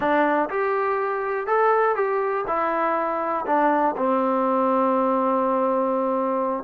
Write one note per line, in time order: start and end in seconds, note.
0.00 0.49 D4
0.49 1.46 G4
1.46 1.95 A4
1.95 2.45 G4
2.47 3.45 E4
3.46 3.95 D4
3.97 6.63 C4